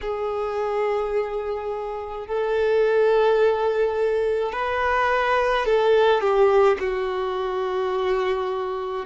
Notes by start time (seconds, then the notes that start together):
0.01 G#4
2.26 A4
4.52 B4
5.66 A4
6.20 G4
6.79 F#4